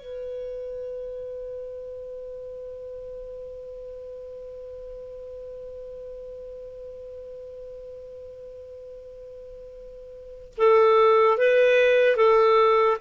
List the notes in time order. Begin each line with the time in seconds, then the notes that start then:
0.00 B4
10.58 A4
11.38 B4
12.17 A4